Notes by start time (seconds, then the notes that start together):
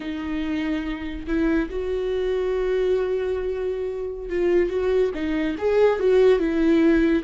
0.00 D#4
1.27 E4
1.70 F#4
4.29 F4
4.69 F#4
5.14 D#4
5.58 G#4
5.99 F#4
6.39 E4